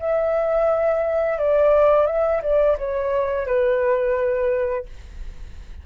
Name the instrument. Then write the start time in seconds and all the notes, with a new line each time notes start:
flute
0.00 E5
1.39 D5
2.07 E5
2.43 D5
2.78 C#5
3.47 B4